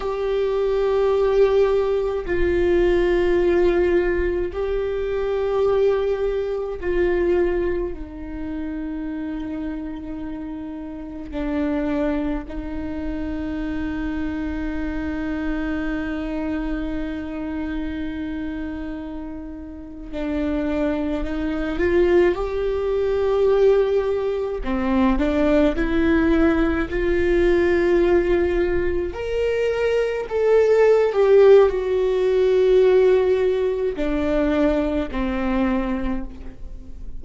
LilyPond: \new Staff \with { instrumentName = "viola" } { \time 4/4 \tempo 4 = 53 g'2 f'2 | g'2 f'4 dis'4~ | dis'2 d'4 dis'4~ | dis'1~ |
dis'4.~ dis'16 d'4 dis'8 f'8 g'16~ | g'4.~ g'16 c'8 d'8 e'4 f'16~ | f'4.~ f'16 ais'4 a'8. g'8 | fis'2 d'4 c'4 | }